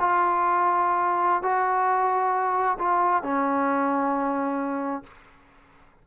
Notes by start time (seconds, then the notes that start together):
0.00 F4
1.43 F#4
2.79 F4
3.23 C#4